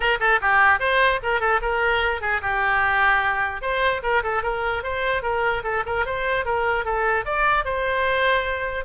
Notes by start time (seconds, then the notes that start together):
0.00 A#4
0.19 A4
0.41 G4
0.79 C5
1.22 A#4
1.40 A4
1.61 A#4
2.21 G#4
2.41 G4
3.61 C5
4.02 A#4
4.23 A4
4.42 A#4
4.83 C5
5.22 A#4
5.63 A4
5.86 A#4
6.05 C5
6.45 A#4
6.84 A4
7.25 D5
7.64 C5